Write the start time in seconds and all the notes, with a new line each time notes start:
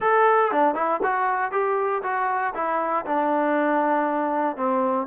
0.00 A4
0.51 D4
0.74 E4
1.03 F#4
1.51 G4
2.02 F#4
2.54 E4
3.05 D4
4.56 C4